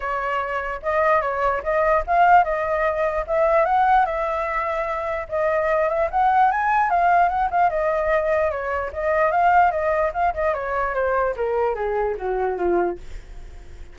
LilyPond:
\new Staff \with { instrumentName = "flute" } { \time 4/4 \tempo 4 = 148 cis''2 dis''4 cis''4 | dis''4 f''4 dis''2 | e''4 fis''4 e''2~ | e''4 dis''4. e''8 fis''4 |
gis''4 f''4 fis''8 f''8 dis''4~ | dis''4 cis''4 dis''4 f''4 | dis''4 f''8 dis''8 cis''4 c''4 | ais'4 gis'4 fis'4 f'4 | }